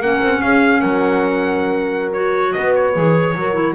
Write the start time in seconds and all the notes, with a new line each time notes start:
0.00 A#3 C#4 A#4 F#5
0.21 C4
0.41 C#4 G#4 F5
0.79 F#3 A#4 F#5
2.12 F#4 C#5
2.52 B3 B4 D#5
2.75 C#5
2.94 E3 G#4
3.35 F#3 F#4 A#4
3.53 E4